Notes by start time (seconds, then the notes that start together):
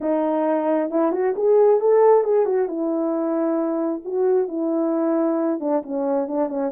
0.00 D#4
0.90 E4
1.12 F#4
1.36 G#4
1.80 A4
2.24 G#4
2.45 F#4
2.67 E4
4.04 F#4
4.48 E4
5.60 D4
5.82 C#4
6.27 D4
6.48 C#4